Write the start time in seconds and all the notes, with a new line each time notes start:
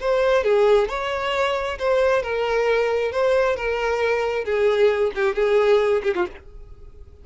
0.00 C5
0.43 G#4
0.88 C#5
1.78 C5
2.22 A#4
3.11 C5
3.56 A#4
4.44 G#4
5.14 G4
5.34 G#4
6.03 G4
6.14 F4